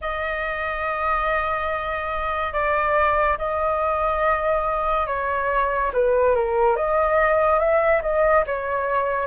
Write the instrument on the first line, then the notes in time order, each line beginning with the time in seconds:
flute
0.01 D#5
2.52 D5
3.38 D#5
5.07 C#5
5.93 B4
6.35 A#4
6.76 D#5
7.59 E5
8.02 D#5
8.46 C#5